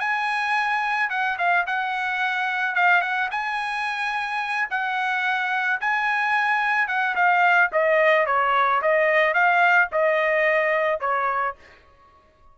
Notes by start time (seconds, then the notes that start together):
0.00 G#5
1.10 F#5
1.39 F5
1.67 F#5
2.75 F5
3.02 F#5
3.31 G#5
4.71 F#5
5.81 G#5
6.88 F#5
7.16 F5
7.73 D#5
8.27 C#5
8.82 D#5
9.34 F5
9.92 D#5
11.01 C#5